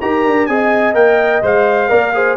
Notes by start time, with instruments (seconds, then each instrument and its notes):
0.00 tuba D#4, trombone G4, horn A#4, trumpet A#5
0.24 tuba D4
0.46 tuba C4, trombone G#4, horn D#5, trumpet G#5
0.93 tuba A#3, trombone A#4, trumpet G5
1.42 tuba G#3, trombone C5, trumpet F5
1.89 tuba A#3, trombone A#4, horn D5
2.13 trombone G#4, horn C5